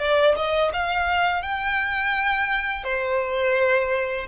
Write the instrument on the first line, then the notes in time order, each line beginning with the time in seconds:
violin
0.00 D5
0.36 D#5
0.73 F5
1.43 G5
2.84 C5